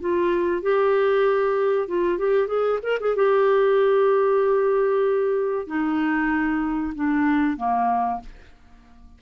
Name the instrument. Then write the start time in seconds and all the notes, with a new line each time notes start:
clarinet
0.00 F4
0.62 G4
1.88 F4
2.18 G4
2.47 G#4
2.83 A#4
3.00 G#4
3.16 G4
5.67 D#4
6.95 D4
7.57 A#3